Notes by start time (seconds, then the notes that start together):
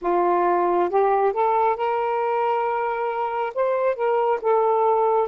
0.01 F4
0.89 G4
1.32 A4
1.76 A#4
3.54 C5
3.95 A#4
4.41 A4